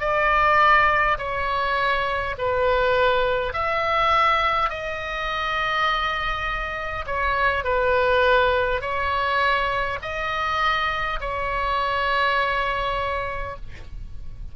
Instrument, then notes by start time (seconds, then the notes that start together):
oboe
0.00 D5
1.18 C#5
2.38 B4
3.53 E5
4.70 D#5
7.06 C#5
7.64 B4
8.81 C#5
10.02 D#5
11.20 C#5